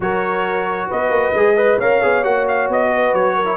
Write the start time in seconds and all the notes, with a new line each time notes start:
0.00 F#3 F#4 A#4 C#5
0.87 B3 B4 D#5
1.10 A#3
1.34 G#3 G#4
1.55 B4 D#5
1.78 C#4 A#4 C#5 F5
2.02 B3 G#4
2.24 A#3 F#4 F#5
2.48 F5
2.68 B3 D#5
2.93 B4
3.13 F#3 C#5
3.35 A#4
3.44 E4